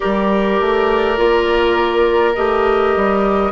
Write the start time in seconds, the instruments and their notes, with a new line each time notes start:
0.00 bassoon G3, clarinet G4, oboe A#4, flute D5
0.60 bassoon A3
1.16 bassoon A#3, clarinet F4
2.35 bassoon A3, clarinet G4, flute D#5
2.96 bassoon G3